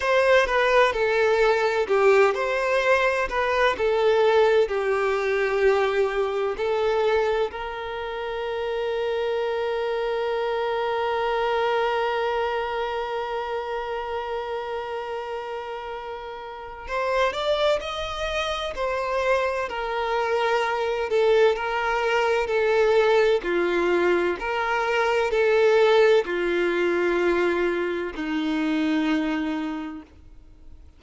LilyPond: \new Staff \with { instrumentName = "violin" } { \time 4/4 \tempo 4 = 64 c''8 b'8 a'4 g'8 c''4 b'8 | a'4 g'2 a'4 | ais'1~ | ais'1~ |
ais'2 c''8 d''8 dis''4 | c''4 ais'4. a'8 ais'4 | a'4 f'4 ais'4 a'4 | f'2 dis'2 | }